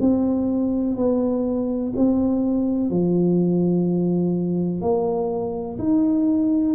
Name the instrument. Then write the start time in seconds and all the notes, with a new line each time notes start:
tuba
0.00 C4
0.96 B3
1.96 C4
2.90 F3
4.81 A#3
5.78 D#4